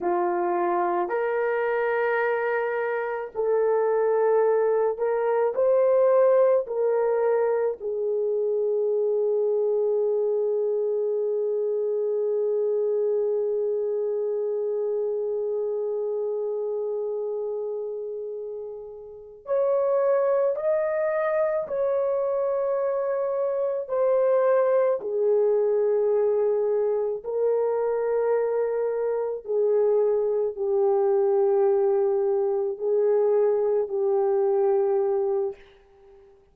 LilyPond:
\new Staff \with { instrumentName = "horn" } { \time 4/4 \tempo 4 = 54 f'4 ais'2 a'4~ | a'8 ais'8 c''4 ais'4 gis'4~ | gis'1~ | gis'1~ |
gis'4. cis''4 dis''4 cis''8~ | cis''4. c''4 gis'4.~ | gis'8 ais'2 gis'4 g'8~ | g'4. gis'4 g'4. | }